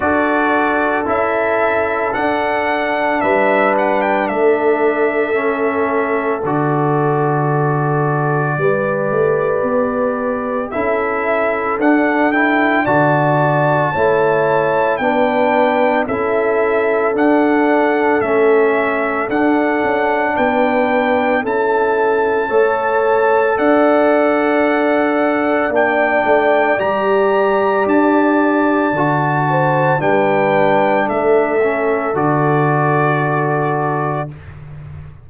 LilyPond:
<<
  \new Staff \with { instrumentName = "trumpet" } { \time 4/4 \tempo 4 = 56 d''4 e''4 fis''4 e''8 fis''16 g''16 | e''2 d''2~ | d''2 e''4 fis''8 g''8 | a''2 g''4 e''4 |
fis''4 e''4 fis''4 g''4 | a''2 fis''2 | g''4 ais''4 a''2 | g''4 e''4 d''2 | }
  \new Staff \with { instrumentName = "horn" } { \time 4/4 a'2. b'4 | a'1 | b'2 a'2 | d''4 cis''4 b'4 a'4~ |
a'2. b'4 | a'4 cis''4 d''2~ | d''2.~ d''8 c''8 | b'4 a'2. | }
  \new Staff \with { instrumentName = "trombone" } { \time 4/4 fis'4 e'4 d'2~ | d'4 cis'4 fis'2 | g'2 e'4 d'8 e'8 | fis'4 e'4 d'4 e'4 |
d'4 cis'4 d'2 | e'4 a'2. | d'4 g'2 fis'4 | d'4. cis'8 fis'2 | }
  \new Staff \with { instrumentName = "tuba" } { \time 4/4 d'4 cis'4 d'4 g4 | a2 d2 | g8 a8 b4 cis'4 d'4 | d4 a4 b4 cis'4 |
d'4 a4 d'8 cis'8 b4 | cis'4 a4 d'2 | ais8 a8 g4 d'4 d4 | g4 a4 d2 | }
>>